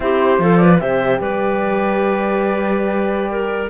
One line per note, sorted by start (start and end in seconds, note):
0.00 0.38 C4
0.00 0.39 E4
0.00 0.42 G4
0.00 0.57 C5
0.38 0.79 F3
0.38 0.79 F4
0.38 0.62 A4
0.57 0.81 B4
0.57 0.77 D5
0.79 1.19 C3
0.79 3.69 G4
0.79 1.21 C5
0.79 1.19 E5
1.19 3.69 G3
1.19 3.31 B4
1.19 3.69 D5
3.31 3.69 A#4